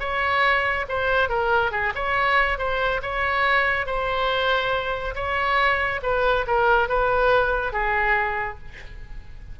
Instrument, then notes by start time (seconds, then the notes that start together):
oboe
0.00 C#5
0.89 C5
1.29 A#4
1.72 G#4
1.95 C#5
2.58 C5
3.03 C#5
3.86 C5
5.15 C#5
6.03 B4
6.47 A#4
6.89 B4
7.73 G#4